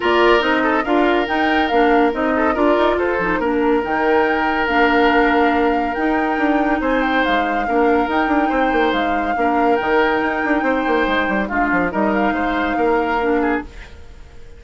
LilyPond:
<<
  \new Staff \with { instrumentName = "flute" } { \time 4/4 \tempo 4 = 141 d''4 dis''4 f''4 g''4 | f''4 dis''4 d''4 c''4 | ais'4 g''2 f''4~ | f''2 g''2 |
gis''8 g''8 f''2 g''4~ | g''4 f''2 g''4~ | g''2. f''4 | dis''8 f''2.~ f''8 | }
  \new Staff \with { instrumentName = "oboe" } { \time 4/4 ais'4. a'8 ais'2~ | ais'4. a'8 ais'4 a'4 | ais'1~ | ais'1 |
c''2 ais'2 | c''2 ais'2~ | ais'4 c''2 f'4 | ais'4 c''4 ais'4. gis'8 | }
  \new Staff \with { instrumentName = "clarinet" } { \time 4/4 f'4 dis'4 f'4 dis'4 | d'4 dis'4 f'4. dis'8 | d'4 dis'2 d'4~ | d'2 dis'2~ |
dis'2 d'4 dis'4~ | dis'2 d'4 dis'4~ | dis'2. d'4 | dis'2. d'4 | }
  \new Staff \with { instrumentName = "bassoon" } { \time 4/4 ais4 c'4 d'4 dis'4 | ais4 c'4 d'8 dis'8 f'8 f8 | ais4 dis2 ais4~ | ais2 dis'4 d'4 |
c'4 gis4 ais4 dis'8 d'8 | c'8 ais8 gis4 ais4 dis4 | dis'8 d'8 c'8 ais8 gis8 g8 gis8 f8 | g4 gis4 ais2 | }
>>